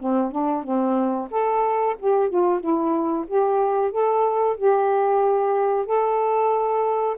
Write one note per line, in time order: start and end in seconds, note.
0.00 0.31 C4
0.31 0.63 D4
0.63 1.29 C4
1.31 1.96 A4
1.99 2.29 G4
2.29 2.60 F4
2.60 3.25 E4
3.27 3.91 G4
3.91 4.57 A4
4.57 5.86 G4
5.86 7.16 A4